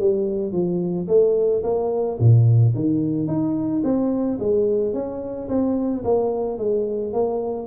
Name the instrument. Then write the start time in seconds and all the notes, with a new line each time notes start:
tuba
0.00 G3
0.53 F3
1.08 A3
1.64 A#3
2.20 A#2
2.75 D#3
3.28 D#4
3.84 C4
4.40 G#3
4.94 C#4
5.49 C4
6.05 A#3
6.59 G#3
7.13 A#3